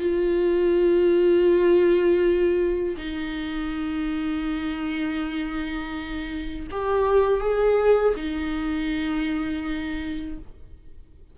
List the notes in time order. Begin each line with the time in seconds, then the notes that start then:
0.00 F4
2.97 D#4
6.71 G4
7.40 G#4
8.16 D#4